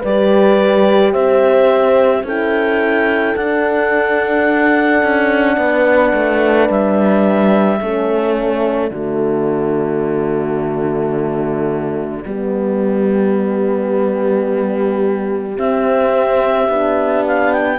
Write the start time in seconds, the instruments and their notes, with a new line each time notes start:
0.00 cello G3, horn G4 B4, clarinet D5
1.13 cello C4, horn C5, clarinet E5
2.24 cello C#4, horn E4 A4, clarinet G5
3.36 horn D4, cello D4, clarinet F#5
5.03 cello C#4
5.57 cello B3, horn B4
6.13 cello A3
6.69 cello G3, clarinet E5
7.80 cello A3, horn C#4 A4
8.33 clarinet D5
8.91 cello D3, horn A3 F#4
12.25 cello G3, horn B3 G4
15.56 horn C4, cello C4, clarinet E5
16.69 cello B3, horn D4
17.26 clarinet F5
17.53 clarinet G5